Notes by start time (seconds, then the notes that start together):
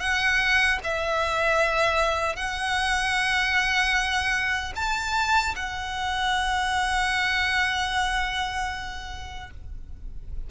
0.00 F#5
0.84 E5
2.36 F#5
4.76 A5
5.56 F#5